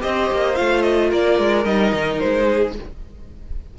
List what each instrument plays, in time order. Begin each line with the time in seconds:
0.00 cello C4, viola G4, violin C5 D#5
0.32 cello A#3
0.56 cello A3, viola F4, violin F5
0.82 violin D#5
1.10 cello A#3, violin A#4 D5
1.39 cello G#3
1.65 cello G3, viola D#4, violin D#5
1.93 cello D#3
2.20 cello G#3, violin C5
2.47 violin G#4